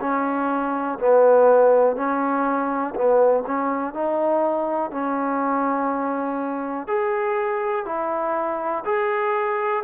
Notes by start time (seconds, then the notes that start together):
0.00 C#4
0.99 B3
1.96 C#4
2.95 B3
3.46 C#4
3.94 D#4
4.91 C#4
6.87 G#4
7.86 E4
8.85 G#4